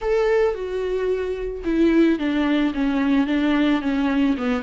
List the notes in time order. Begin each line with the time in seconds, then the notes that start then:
0.01 A4
0.54 F#4
1.64 E4
2.18 D4
2.74 C#4
3.27 D4
3.81 C#4
4.37 B3